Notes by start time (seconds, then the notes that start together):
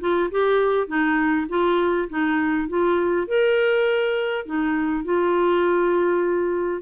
0.00 F4
0.31 G4
0.87 D#4
1.49 F4
2.10 D#4
2.69 F4
3.27 A#4
4.46 D#4
5.05 F4